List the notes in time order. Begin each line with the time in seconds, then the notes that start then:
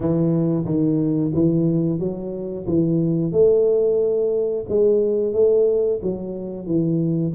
0.00 E3
0.65 D#3
1.34 E3
1.98 F#3
2.66 E3
3.32 A3
4.68 G#3
5.33 A3
6.02 F#3
6.66 E3